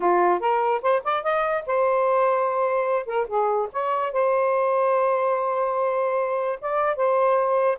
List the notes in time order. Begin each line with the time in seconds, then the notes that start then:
0.00 F4
0.40 A#4
0.81 C5
1.04 D5
1.23 D#5
1.66 C5
3.06 A#4
3.27 G#4
3.72 C#5
4.12 C5
6.61 D5
6.96 C5